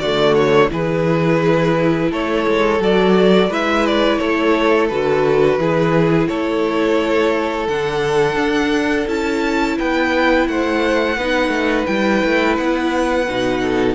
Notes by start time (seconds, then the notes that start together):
0.00 D3 A3 F#4 D5
0.35 C#5
0.70 E3 E4 G#4 B4
2.11 A3 A4 C#5
2.48 G#3
2.80 F#3 F#4 D5
3.49 G#3 E4 B4 E5
3.86 D5
4.18 A3 A4 C#5
4.89 D3 F#4 B4
5.58 E3 E4 G#4
6.28 A3 A4 C#5
7.68 D3 D4 F#5
8.37 D4
9.08 C#4 E4 A5
9.79 B3 B4 G5
10.48 A3 C5 F#5
11.18 B3 D#4 B4
11.49 A3
11.86 G3 E4 G5
12.25 A3
12.58 B3 F#5
13.28 B2 D#4
13.62 A4